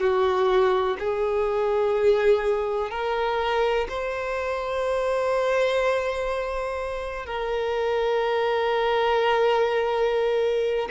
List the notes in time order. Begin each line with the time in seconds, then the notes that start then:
0.00 F#4
0.99 G#4
2.90 A#4
3.89 C5
7.26 A#4